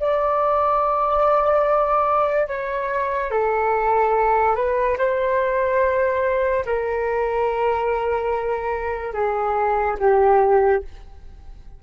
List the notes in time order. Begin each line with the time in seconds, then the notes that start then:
0.00 D5
2.48 C#5
3.31 A4
4.56 B4
4.98 C5
6.66 A#4
9.14 G#4
10.00 G4